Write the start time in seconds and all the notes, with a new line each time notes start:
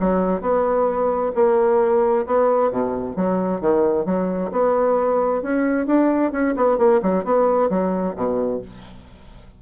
0.00 F#3
0.41 B3
1.35 A#3
2.26 B3
2.71 B2
3.16 F#3
3.61 D#3
4.05 F#3
4.51 B3
5.42 C#4
5.86 D4
6.32 C#4
6.56 B3
6.78 A#3
7.02 F#3
7.24 B3
7.69 F#3
8.16 B2